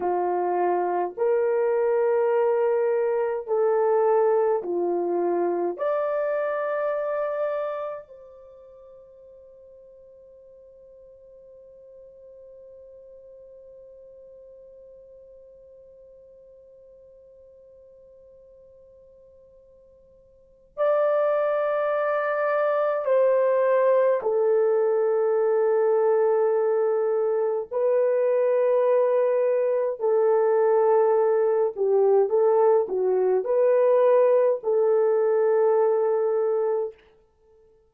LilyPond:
\new Staff \with { instrumentName = "horn" } { \time 4/4 \tempo 4 = 52 f'4 ais'2 a'4 | f'4 d''2 c''4~ | c''1~ | c''1~ |
c''2 d''2 | c''4 a'2. | b'2 a'4. g'8 | a'8 fis'8 b'4 a'2 | }